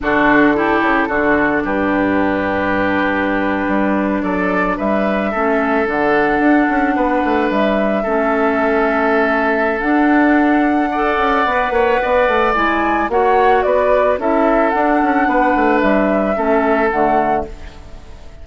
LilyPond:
<<
  \new Staff \with { instrumentName = "flute" } { \time 4/4 \tempo 4 = 110 a'2. b'4~ | b'2.~ b'8. d''16~ | d''8. e''2 fis''4~ fis''16~ | fis''4.~ fis''16 e''2~ e''16~ |
e''2 fis''2~ | fis''2. gis''4 | fis''4 d''4 e''4 fis''4~ | fis''4 e''2 fis''4 | }
  \new Staff \with { instrumentName = "oboe" } { \time 4/4 fis'4 g'4 fis'4 g'4~ | g'2.~ g'8. a'16~ | a'8. b'4 a'2~ a'16~ | a'8. b'2 a'4~ a'16~ |
a'1 | d''4. cis''8 d''2 | cis''4 b'4 a'2 | b'2 a'2 | }
  \new Staff \with { instrumentName = "clarinet" } { \time 4/4 d'4 e'4 d'2~ | d'1~ | d'4.~ d'16 cis'4 d'4~ d'16~ | d'2~ d'8. cis'4~ cis'16~ |
cis'2 d'2 | a'4 b'2 e'4 | fis'2 e'4 d'4~ | d'2 cis'4 a4 | }
  \new Staff \with { instrumentName = "bassoon" } { \time 4/4 d4. cis8 d4 g,4~ | g,2~ g,8. g4 fis16~ | fis8. g4 a4 d4 d'16~ | d'16 cis'8 b8 a8 g4 a4~ a16~ |
a2 d'2~ | d'8 cis'8 b8 ais8 b8 a8 gis4 | ais4 b4 cis'4 d'8 cis'8 | b8 a8 g4 a4 d4 | }
>>